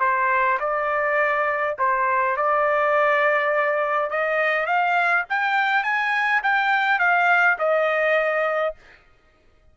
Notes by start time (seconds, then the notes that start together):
0.00 C5
0.60 D5
1.79 C5
2.37 D5
4.10 D#5
4.66 F5
5.29 G5
5.84 G#5
6.43 G5
6.99 F5
7.59 D#5